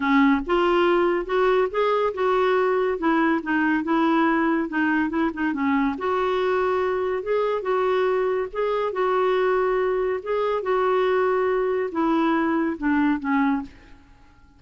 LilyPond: \new Staff \with { instrumentName = "clarinet" } { \time 4/4 \tempo 4 = 141 cis'4 f'2 fis'4 | gis'4 fis'2 e'4 | dis'4 e'2 dis'4 | e'8 dis'8 cis'4 fis'2~ |
fis'4 gis'4 fis'2 | gis'4 fis'2. | gis'4 fis'2. | e'2 d'4 cis'4 | }